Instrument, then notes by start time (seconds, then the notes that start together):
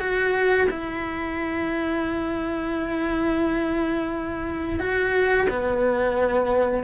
cello
0.00 F#4
0.71 E4
4.80 F#4
5.50 B3